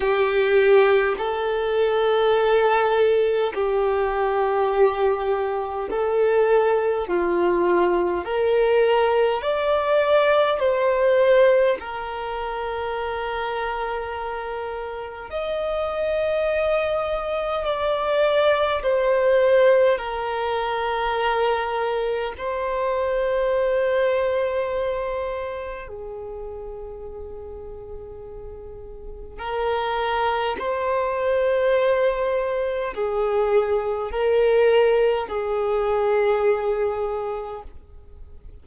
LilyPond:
\new Staff \with { instrumentName = "violin" } { \time 4/4 \tempo 4 = 51 g'4 a'2 g'4~ | g'4 a'4 f'4 ais'4 | d''4 c''4 ais'2~ | ais'4 dis''2 d''4 |
c''4 ais'2 c''4~ | c''2 gis'2~ | gis'4 ais'4 c''2 | gis'4 ais'4 gis'2 | }